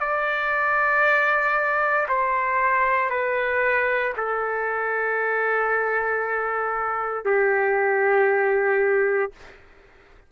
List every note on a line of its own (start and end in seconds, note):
0.00 2.07 D5
2.09 3.10 C5
3.10 4.14 B4
4.17 7.25 A4
7.25 9.32 G4